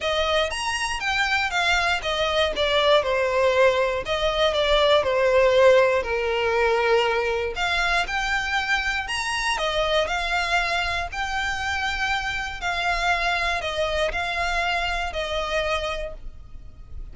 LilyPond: \new Staff \with { instrumentName = "violin" } { \time 4/4 \tempo 4 = 119 dis''4 ais''4 g''4 f''4 | dis''4 d''4 c''2 | dis''4 d''4 c''2 | ais'2. f''4 |
g''2 ais''4 dis''4 | f''2 g''2~ | g''4 f''2 dis''4 | f''2 dis''2 | }